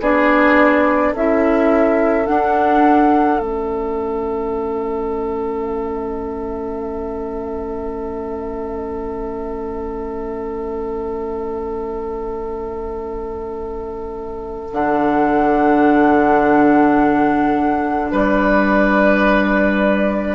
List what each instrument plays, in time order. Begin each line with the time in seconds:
0.00 bassoon B3, clarinet D4, oboe G#4, flute D5
1.13 bassoon C#4, clarinet E4, oboe A4, flute E5
2.25 clarinet D4, bassoon D4, flute F#5
3.38 bassoon A3, clarinet C#4, flute E5
14.72 bassoon D3, clarinet D4, flute F#5
18.11 bassoon G3, oboe B4, flute D5